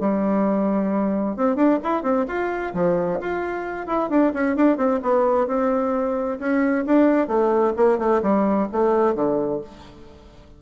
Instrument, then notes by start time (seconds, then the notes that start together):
bassoon
0.00 G3
1.36 C4
1.56 D4
1.83 E4
2.03 C4
2.27 F4
2.73 F3
3.20 F4
3.87 E4
4.10 D4
4.33 C#4
4.56 D4
4.77 C4
5.02 B3
5.47 C4
6.39 C#4
6.86 D4
7.27 A3
7.76 A#3
7.98 A3
8.22 G3
8.72 A3
9.15 D3